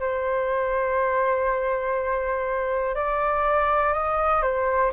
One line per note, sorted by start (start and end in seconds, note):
0.00 2.95 C5
2.95 3.93 D5
3.94 4.43 D#5
4.43 4.92 C5